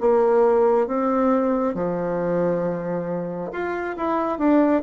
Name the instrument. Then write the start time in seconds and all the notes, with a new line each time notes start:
bassoon
0.00 A#3
0.87 C4
1.74 F3
3.52 F4
3.96 E4
4.38 D4